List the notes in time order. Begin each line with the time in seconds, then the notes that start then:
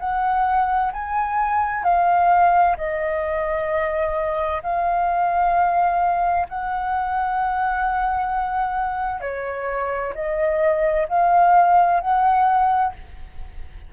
0.00 F#5
0.93 G#5
1.84 F5
2.78 D#5
4.63 F5
6.49 F#5
9.21 C#5
10.15 D#5
11.09 F5
12.01 F#5